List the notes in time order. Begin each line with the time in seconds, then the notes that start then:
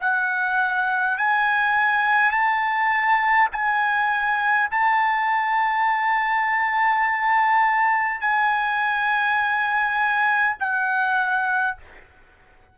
0.00 F#5
1.18 G#5
2.31 A5
3.51 G#5
4.71 A5
8.21 G#5
10.59 F#5